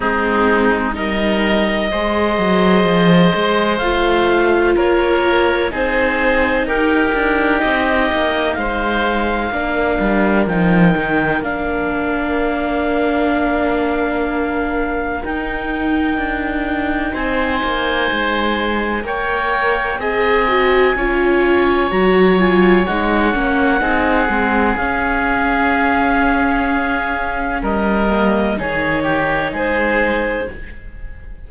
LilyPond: <<
  \new Staff \with { instrumentName = "clarinet" } { \time 4/4 \tempo 4 = 63 gis'4 dis''2. | f''4 cis''4 c''4 ais'4 | dis''4 f''2 g''4 | f''1 |
g''2 gis''2 | g''4 gis''2 ais''8 gis''8 | fis''2 f''2~ | f''4 dis''4 cis''4 c''4 | }
  \new Staff \with { instrumentName = "oboe" } { \time 4/4 dis'4 ais'4 c''2~ | c''4 ais'4 gis'4 g'4~ | g'4 c''4 ais'2~ | ais'1~ |
ais'2 c''2 | cis''4 dis''4 cis''2~ | cis''4 gis'2.~ | gis'4 ais'4 gis'8 g'8 gis'4 | }
  \new Staff \with { instrumentName = "viola" } { \time 4/4 c'4 dis'4 gis'2 | f'2 dis'2~ | dis'2 d'4 dis'4 | d'1 |
dis'1 | ais'4 gis'8 fis'8 f'4 fis'8 f'8 | dis'8 cis'8 dis'8 c'8 cis'2~ | cis'4. ais8 dis'2 | }
  \new Staff \with { instrumentName = "cello" } { \time 4/4 gis4 g4 gis8 fis8 f8 gis8 | a4 ais4 c'4 dis'8 d'8 | c'8 ais8 gis4 ais8 g8 f8 dis8 | ais1 |
dis'4 d'4 c'8 ais8 gis4 | ais4 c'4 cis'4 fis4 | gis8 ais8 c'8 gis8 cis'2~ | cis'4 g4 dis4 gis4 | }
>>